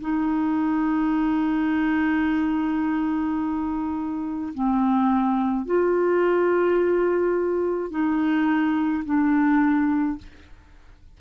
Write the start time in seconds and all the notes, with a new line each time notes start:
0.00 D#4
4.54 C4
5.66 F4
7.90 D#4
9.05 D4